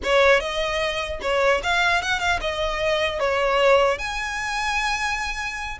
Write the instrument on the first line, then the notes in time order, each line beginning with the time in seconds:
violin
0.03 C#5
0.39 D#5
1.21 C#5
1.63 F5
2.02 F#5
2.19 F5
2.40 D#5
3.19 C#5
3.98 G#5